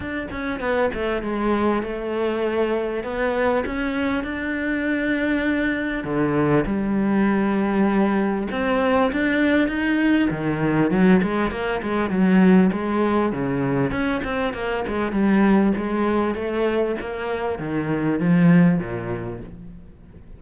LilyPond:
\new Staff \with { instrumentName = "cello" } { \time 4/4 \tempo 4 = 99 d'8 cis'8 b8 a8 gis4 a4~ | a4 b4 cis'4 d'4~ | d'2 d4 g4~ | g2 c'4 d'4 |
dis'4 dis4 fis8 gis8 ais8 gis8 | fis4 gis4 cis4 cis'8 c'8 | ais8 gis8 g4 gis4 a4 | ais4 dis4 f4 ais,4 | }